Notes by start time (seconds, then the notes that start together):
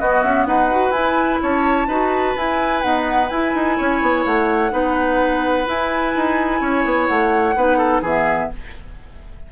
0.00 B3 F#4 D#5
0.23 C#4 E5
0.45 D#4 B4 F#5
0.72 F#4
0.91 E4 G#5
1.42 C#4 C#5 A5
1.88 D#4 F#4 B4
2.37 E4 G#5
2.82 B3 D#4 F#5
3.29 E4 G#5
3.55 D#4
3.78 C#4 C#5
4.02 B3
4.26 A3 F#5
4.70 B3 D#4 B4
5.65 E4 G#5
6.16 D#4
6.61 C#4 C#5
6.85 B3
7.07 A3 F#5
7.56 B3 D#4 B4
7.78 A4
8.02 E3 B3 G#4 E5